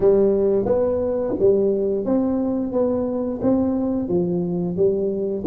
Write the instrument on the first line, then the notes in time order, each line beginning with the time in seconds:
tuba
0.00 G3
0.65 B3
1.39 G3
2.05 C4
2.72 B3
3.42 C4
4.08 F3
4.76 G3